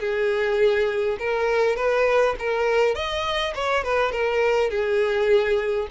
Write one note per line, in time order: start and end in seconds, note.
0.00 1.18 G#4
1.19 1.76 A#4
1.76 2.35 B4
2.39 2.95 A#4
2.95 3.54 D#5
3.55 3.84 C#5
3.84 4.12 B4
4.12 4.70 A#4
4.70 5.88 G#4